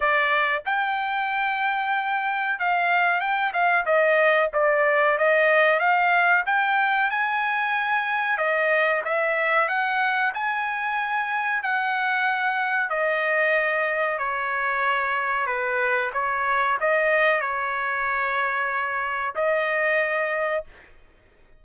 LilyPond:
\new Staff \with { instrumentName = "trumpet" } { \time 4/4 \tempo 4 = 93 d''4 g''2. | f''4 g''8 f''8 dis''4 d''4 | dis''4 f''4 g''4 gis''4~ | gis''4 dis''4 e''4 fis''4 |
gis''2 fis''2 | dis''2 cis''2 | b'4 cis''4 dis''4 cis''4~ | cis''2 dis''2 | }